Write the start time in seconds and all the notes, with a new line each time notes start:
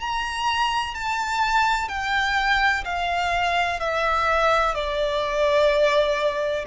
0.00 A#5
0.95 A5
1.89 G5
2.84 F5
3.80 E5
4.74 D5